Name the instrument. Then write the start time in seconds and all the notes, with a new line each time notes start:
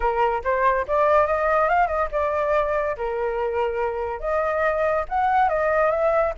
flute
0.00 A#4
0.43 C5
0.87 D5
1.27 D#5
1.68 F5
1.87 D#5
2.11 D5
2.96 A#4
4.20 D#5
5.08 F#5
5.48 D#5
5.90 E5